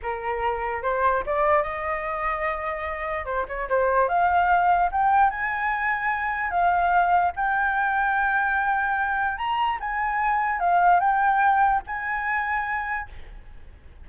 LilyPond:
\new Staff \with { instrumentName = "flute" } { \time 4/4 \tempo 4 = 147 ais'2 c''4 d''4 | dis''1 | c''8 cis''8 c''4 f''2 | g''4 gis''2. |
f''2 g''2~ | g''2. ais''4 | gis''2 f''4 g''4~ | g''4 gis''2. | }